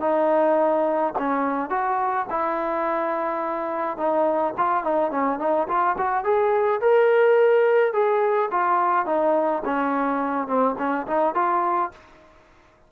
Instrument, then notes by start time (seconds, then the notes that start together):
trombone
0.00 D#4
1.18 C#4
1.70 F#4
2.30 E4
3.97 D#4
4.57 F4
4.84 D#4
5.11 C#4
5.39 D#4
5.68 F4
5.97 F#4
6.24 G#4
6.81 A#4
7.93 G#4
8.51 F4
9.06 D#4
9.65 C#4
10.47 C4
10.78 C#4
11.07 D#4
11.34 F4